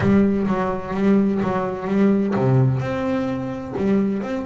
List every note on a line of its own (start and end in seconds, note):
0.00 0.46 G3
0.47 0.94 F#3
0.94 1.41 G3
1.42 1.87 F#3
1.87 2.34 G3
2.35 2.80 C3
2.80 3.74 C4
3.77 4.22 G3
4.22 4.45 C4